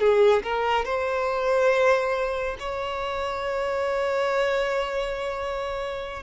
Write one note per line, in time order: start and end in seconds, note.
0.00 0.43 G#4
0.43 0.85 A#4
0.85 2.57 C5
2.60 6.23 C#5